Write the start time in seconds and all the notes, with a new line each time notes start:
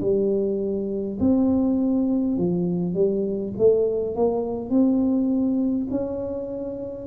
0.00 G3
1.19 C4
2.37 F3
2.94 G3
3.57 A3
4.15 A#3
4.70 C4
5.90 C#4